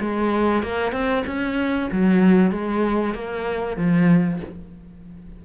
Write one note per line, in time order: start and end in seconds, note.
0.00 0.63 G#3
0.63 0.92 A#3
0.92 1.23 C4
1.27 1.90 C#4
1.92 2.51 F#3
2.51 3.14 G#3
3.14 3.77 A#3
3.77 4.40 F3